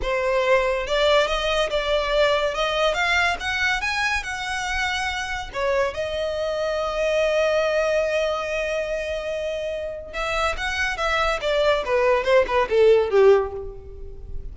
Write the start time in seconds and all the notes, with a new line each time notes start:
0.02 C5
0.86 D5
1.27 D#5
1.70 D5
2.54 D#5
2.94 F5
3.40 F#5
3.81 G#5
4.23 F#5
5.53 C#5
5.94 D#5
10.13 E5
10.57 F#5
10.97 E5
11.41 D5
11.85 B4
12.24 C5
12.47 B4
12.69 A4
13.10 G4